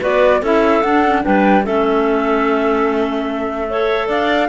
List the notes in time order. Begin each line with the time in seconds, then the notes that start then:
0.00 B3 F#4 B4 D5
0.41 C#4 E4 A4 E5
0.82 D4 F#5
1.05 C#4
1.22 G3 D4 B4 G5
1.64 A3 C#4 A4 E5
3.68 A4 C#5
4.07 D4 D5 F5